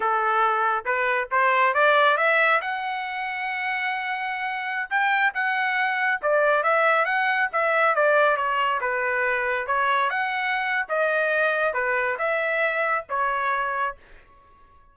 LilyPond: \new Staff \with { instrumentName = "trumpet" } { \time 4/4 \tempo 4 = 138 a'2 b'4 c''4 | d''4 e''4 fis''2~ | fis''2.~ fis''16 g''8.~ | g''16 fis''2 d''4 e''8.~ |
e''16 fis''4 e''4 d''4 cis''8.~ | cis''16 b'2 cis''4 fis''8.~ | fis''4 dis''2 b'4 | e''2 cis''2 | }